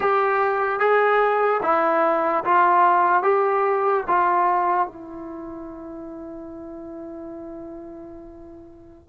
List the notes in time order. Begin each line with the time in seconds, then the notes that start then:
0.00 G4
0.79 G#4
1.63 E4
2.44 F4
3.22 G4
4.07 F4
4.87 E4